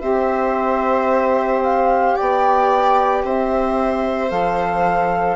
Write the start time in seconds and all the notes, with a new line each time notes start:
0.00 C4 G4 C5 E5
1.62 F5
2.15 B3 D5 G5
3.23 C4 C5 E5
4.29 F3 A4 F5